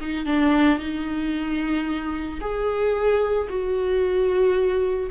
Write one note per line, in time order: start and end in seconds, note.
0.00 0.25 D#4
0.25 0.79 D4
0.79 2.39 D#4
2.40 3.47 G#4
3.49 5.10 F#4